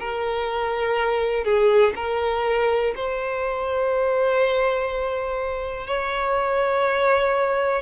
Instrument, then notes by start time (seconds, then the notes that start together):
violin
0.00 A#4
1.44 G#4
1.96 A#4
2.96 C5
5.87 C#5